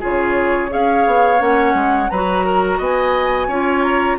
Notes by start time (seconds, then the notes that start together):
0.00 C#3 F4 G#4 C#5
0.68 C#4 G#4 C#5 F5
1.06 B3
1.38 A#3 C#4 F#5
1.74 G#3
2.10 F#3 F#4 B4 A#5
2.45 A#4
2.77 B3 D#5 G#5
3.47 C#4 F4 C#5
3.83 A#5